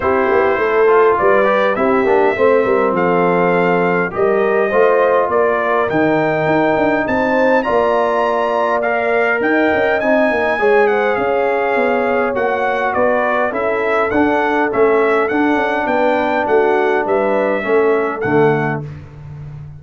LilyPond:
<<
  \new Staff \with { instrumentName = "trumpet" } { \time 4/4 \tempo 4 = 102 c''2 d''4 e''4~ | e''4 f''2 dis''4~ | dis''4 d''4 g''2 | a''4 ais''2 f''4 |
g''4 gis''4. fis''8 f''4~ | f''4 fis''4 d''4 e''4 | fis''4 e''4 fis''4 g''4 | fis''4 e''2 fis''4 | }
  \new Staff \with { instrumentName = "horn" } { \time 4/4 g'4 a'4 b'4 g'4 | c''8 ais'8 a'2 ais'4 | c''4 ais'2. | c''4 d''2. |
dis''2 cis''8 c''8 cis''4~ | cis''2 b'4 a'4~ | a'2. b'4 | fis'4 b'4 a'2 | }
  \new Staff \with { instrumentName = "trombone" } { \time 4/4 e'4. f'4 g'8 e'8 d'8 | c'2. g'4 | f'2 dis'2~ | dis'4 f'2 ais'4~ |
ais'4 dis'4 gis'2~ | gis'4 fis'2 e'4 | d'4 cis'4 d'2~ | d'2 cis'4 a4 | }
  \new Staff \with { instrumentName = "tuba" } { \time 4/4 c'8 b8 a4 g4 c'8 ais8 | a8 g8 f2 g4 | a4 ais4 dis4 dis'8 d'8 | c'4 ais2. |
dis'8 cis'8 c'8 ais8 gis4 cis'4 | b4 ais4 b4 cis'4 | d'4 a4 d'8 cis'8 b4 | a4 g4 a4 d4 | }
>>